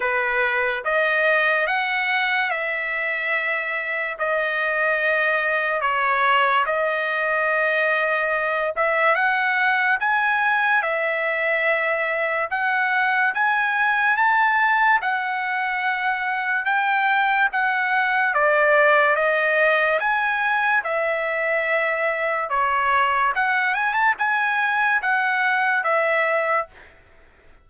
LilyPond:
\new Staff \with { instrumentName = "trumpet" } { \time 4/4 \tempo 4 = 72 b'4 dis''4 fis''4 e''4~ | e''4 dis''2 cis''4 | dis''2~ dis''8 e''8 fis''4 | gis''4 e''2 fis''4 |
gis''4 a''4 fis''2 | g''4 fis''4 d''4 dis''4 | gis''4 e''2 cis''4 | fis''8 gis''16 a''16 gis''4 fis''4 e''4 | }